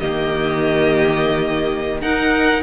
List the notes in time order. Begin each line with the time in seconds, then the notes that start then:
0.00 D#3 A#3 G4 D#5
2.02 D#4 A#4 F#5